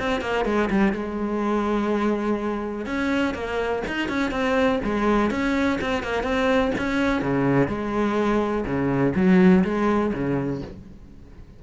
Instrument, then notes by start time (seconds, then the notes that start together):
cello
0.00 C4
0.22 A#3
0.46 G#3
0.71 G3
0.93 G#3
2.86 C#4
3.35 A#3
3.88 D#4
4.09 C#4
4.31 C4
4.85 G#3
5.31 C#4
5.81 C4
6.04 A#3
6.23 C4
6.78 C#4
7.22 C#3
7.68 G#3
8.66 C#3
9.16 F#3
9.65 G#3
10.14 C#3